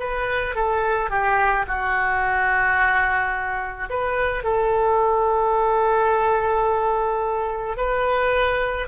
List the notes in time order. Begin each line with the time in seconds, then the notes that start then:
0.00 B4
0.56 A4
1.11 G4
1.68 F#4
3.90 B4
4.44 A4
7.77 B4